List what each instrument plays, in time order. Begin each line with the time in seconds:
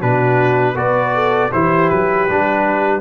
0.00 tuba B2, trombone D4, horn F#4, trumpet B4
0.75 tuba B3, trombone F#4, horn B4, trumpet D5
1.15 horn A4
1.53 tuba E3, trombone E4, horn G4, trumpet C5
1.90 tuba F#3, trumpet B4
2.29 tuba G3, trombone D4